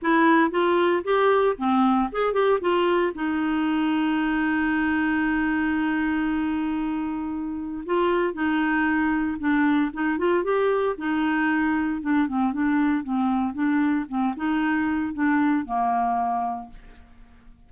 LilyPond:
\new Staff \with { instrumentName = "clarinet" } { \time 4/4 \tempo 4 = 115 e'4 f'4 g'4 c'4 | gis'8 g'8 f'4 dis'2~ | dis'1~ | dis'2. f'4 |
dis'2 d'4 dis'8 f'8 | g'4 dis'2 d'8 c'8 | d'4 c'4 d'4 c'8 dis'8~ | dis'4 d'4 ais2 | }